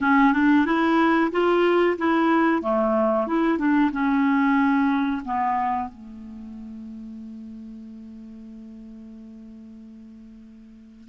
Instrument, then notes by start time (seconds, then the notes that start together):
clarinet
0.01 C#4
0.33 D4
0.65 E4
1.31 F4
1.97 E4
2.62 A3
3.27 E4
3.58 D4
3.92 C#4
5.24 B3
5.88 A3